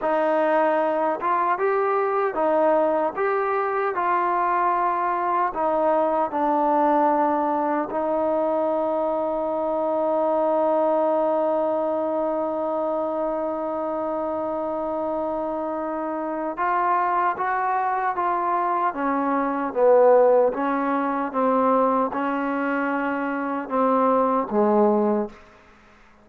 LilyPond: \new Staff \with { instrumentName = "trombone" } { \time 4/4 \tempo 4 = 76 dis'4. f'8 g'4 dis'4 | g'4 f'2 dis'4 | d'2 dis'2~ | dis'1~ |
dis'1~ | dis'4 f'4 fis'4 f'4 | cis'4 b4 cis'4 c'4 | cis'2 c'4 gis4 | }